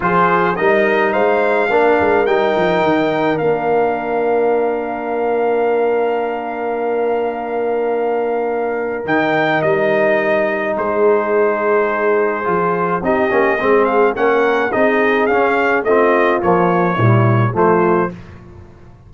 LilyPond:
<<
  \new Staff \with { instrumentName = "trumpet" } { \time 4/4 \tempo 4 = 106 c''4 dis''4 f''2 | g''2 f''2~ | f''1~ | f''1 |
g''4 dis''2 c''4~ | c''2. dis''4~ | dis''8 f''8 fis''4 dis''4 f''4 | dis''4 cis''2 c''4 | }
  \new Staff \with { instrumentName = "horn" } { \time 4/4 gis'4 ais'4 c''4 ais'4~ | ais'1~ | ais'1~ | ais'1~ |
ais'2. gis'4~ | gis'2. g'4 | gis'4 ais'4 gis'2 | f'2 e'4 f'4 | }
  \new Staff \with { instrumentName = "trombone" } { \time 4/4 f'4 dis'2 d'4 | dis'2 d'2~ | d'1~ | d'1 |
dis'1~ | dis'2 f'4 dis'8 cis'8 | c'4 cis'4 dis'4 cis'4 | c'4 f4 g4 a4 | }
  \new Staff \with { instrumentName = "tuba" } { \time 4/4 f4 g4 gis4 ais8 gis8 | g8 f8 dis4 ais2~ | ais1~ | ais1 |
dis4 g2 gis4~ | gis2 f4 c'8 ais8 | gis4 ais4 c'4 cis'4 | a4 ais4 ais,4 f4 | }
>>